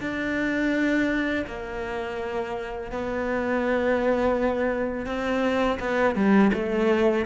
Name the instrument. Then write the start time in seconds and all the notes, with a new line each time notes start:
cello
0.00 D4
1.47 A#3
2.91 B3
5.06 C4
5.79 B3
6.15 G3
6.53 A3